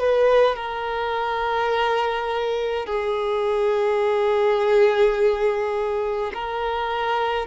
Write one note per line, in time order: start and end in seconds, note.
0.00 0.56 B4
0.56 2.86 A#4
2.86 6.33 G#4
6.34 7.47 A#4